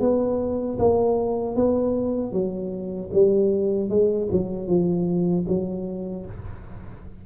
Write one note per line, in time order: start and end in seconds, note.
0.00 0.78 B3
0.79 1.55 A#3
1.55 2.32 B3
2.32 3.10 F#3
3.13 3.89 G3
3.89 4.28 G#3
4.31 4.67 F#3
4.67 5.45 F3
5.48 6.26 F#3